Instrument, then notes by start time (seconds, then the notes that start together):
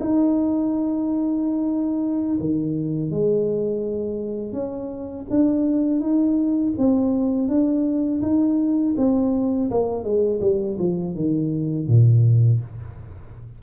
tuba
0.00 D#4
2.40 D#3
3.11 G#3
4.52 C#4
5.30 D4
6.00 D#4
6.77 C4
7.48 D4
8.22 D#4
8.97 C4
9.71 A#3
10.04 G#3
10.41 G3
10.79 F3
11.15 D#3
11.87 A#2